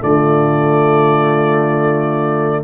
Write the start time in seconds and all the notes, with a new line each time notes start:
0.00 D3 A3 F4 D5